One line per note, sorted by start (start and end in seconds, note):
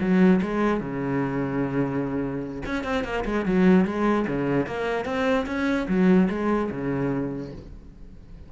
0.00 0.41 F#3
0.42 0.80 G#3
0.80 2.63 C#3
2.66 2.84 C#4
2.84 3.04 C4
3.04 3.24 A#3
3.25 3.45 G#3
3.45 3.85 F#3
3.85 4.26 G#3
4.27 4.67 C#3
4.67 5.05 A#3
5.05 5.46 C4
5.46 5.87 C#4
5.88 6.29 F#3
6.30 6.70 G#3
6.71 7.52 C#3